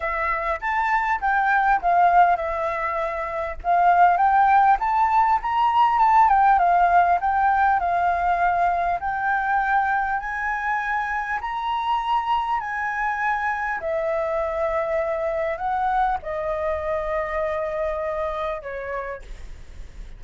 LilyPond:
\new Staff \with { instrumentName = "flute" } { \time 4/4 \tempo 4 = 100 e''4 a''4 g''4 f''4 | e''2 f''4 g''4 | a''4 ais''4 a''8 g''8 f''4 | g''4 f''2 g''4~ |
g''4 gis''2 ais''4~ | ais''4 gis''2 e''4~ | e''2 fis''4 dis''4~ | dis''2. cis''4 | }